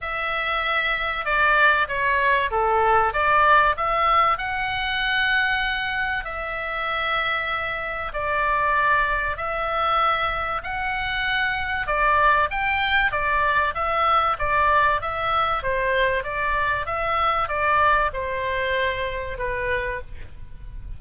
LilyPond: \new Staff \with { instrumentName = "oboe" } { \time 4/4 \tempo 4 = 96 e''2 d''4 cis''4 | a'4 d''4 e''4 fis''4~ | fis''2 e''2~ | e''4 d''2 e''4~ |
e''4 fis''2 d''4 | g''4 d''4 e''4 d''4 | e''4 c''4 d''4 e''4 | d''4 c''2 b'4 | }